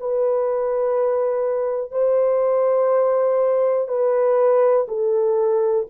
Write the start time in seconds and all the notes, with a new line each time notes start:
0.00 B4
1.91 C5
3.88 B4
4.88 A4